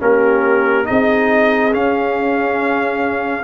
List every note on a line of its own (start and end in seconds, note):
0.00 0.89 A#3
0.00 0.85 C#4
0.00 0.89 G4
0.00 0.87 A#4
0.85 1.74 C4
0.85 1.72 D#4
0.85 3.44 G#4
0.85 1.74 D#5
1.73 3.44 C#4
1.73 3.44 F5